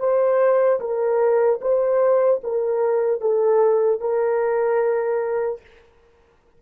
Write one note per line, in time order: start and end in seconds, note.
0.00 0.80 C5
0.80 1.60 A#4
1.61 2.41 C5
2.44 3.21 A#4
3.21 4.00 A4
4.00 5.61 A#4